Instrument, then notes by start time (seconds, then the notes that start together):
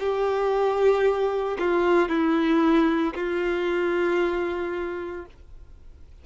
violin
0.00 G4
1.59 F4
2.10 E4
3.15 F4